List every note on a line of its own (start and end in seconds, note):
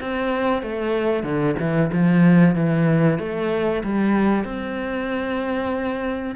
0.00 0.62 C4
0.62 1.23 A3
1.23 1.55 D3
1.59 1.91 E3
1.92 2.55 F3
2.55 3.19 E3
3.19 3.83 A3
3.84 4.44 G3
4.44 6.36 C4